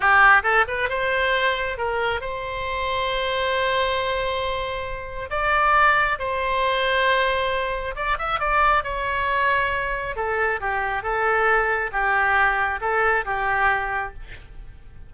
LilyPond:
\new Staff \with { instrumentName = "oboe" } { \time 4/4 \tempo 4 = 136 g'4 a'8 b'8 c''2 | ais'4 c''2.~ | c''1 | d''2 c''2~ |
c''2 d''8 e''8 d''4 | cis''2. a'4 | g'4 a'2 g'4~ | g'4 a'4 g'2 | }